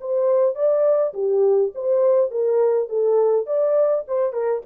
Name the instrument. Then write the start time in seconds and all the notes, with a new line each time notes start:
horn
0.00 C5
0.55 D5
1.13 G4
1.74 C5
2.30 A#4
2.89 A4
3.46 D5
4.08 C5
4.32 A#4